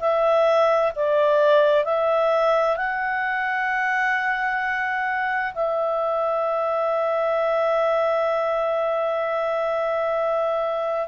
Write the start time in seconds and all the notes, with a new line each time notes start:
0.00 E5
0.96 D5
1.85 E5
2.77 F#5
5.54 E5